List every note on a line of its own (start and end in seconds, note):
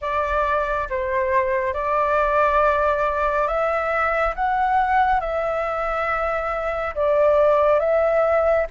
0.01 0.88 D5
0.89 1.73 C5
1.73 3.47 D5
3.47 4.34 E5
4.35 5.20 F#5
5.20 6.94 E5
6.94 7.79 D5
7.79 8.66 E5